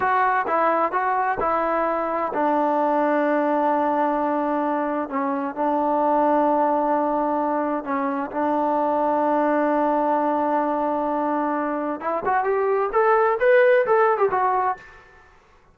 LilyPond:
\new Staff \with { instrumentName = "trombone" } { \time 4/4 \tempo 4 = 130 fis'4 e'4 fis'4 e'4~ | e'4 d'2.~ | d'2. cis'4 | d'1~ |
d'4 cis'4 d'2~ | d'1~ | d'2 e'8 fis'8 g'4 | a'4 b'4 a'8. g'16 fis'4 | }